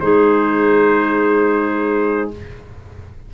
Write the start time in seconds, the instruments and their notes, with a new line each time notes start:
0.00 tuba G#3, clarinet D#4 G#4, trumpet C5